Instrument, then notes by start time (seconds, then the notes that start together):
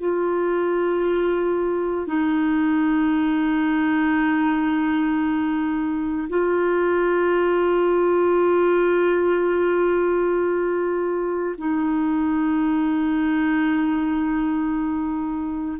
clarinet
0.00 F4
2.08 D#4
6.30 F4
11.58 D#4